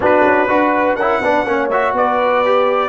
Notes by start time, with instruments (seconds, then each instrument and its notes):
0.00 tuba B3, trombone D4, horn F#4, trumpet B4
0.24 tuba C#4
0.48 tuba D4, trombone F#4, horn B4
0.95 tuba C#4, trombone E4, horn A#4, trumpet F#5
1.21 tuba B3, trombone D4, horn B4
1.45 tuba A#3, trombone C#4, horn C#5
1.70 trombone F#4, trumpet E5
1.93 tuba B3, horn B4, trumpet D5
2.45 trombone G4